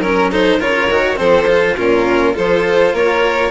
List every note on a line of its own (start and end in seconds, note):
0.00 0.58 F#3
0.00 0.32 C#4
0.00 0.31 A#4
0.32 0.61 D#4
0.32 0.59 A4
0.32 0.61 C5
0.59 0.90 C#3
0.59 0.90 F4
0.59 1.18 A#4
0.59 1.18 C#5
0.90 1.19 D#3
0.90 1.17 F#4
1.17 1.77 F3
1.17 1.46 C4
1.17 1.77 A4
1.17 1.77 C5
1.48 1.77 F4
1.77 2.37 A#2
1.77 2.34 C#4
1.77 2.35 F4
1.77 2.36 A#4
2.34 2.94 F3
2.34 3.51 F4
2.34 2.94 A4
2.34 2.96 C5
2.94 3.51 A#3
2.94 3.51 A#4
2.94 3.51 C#5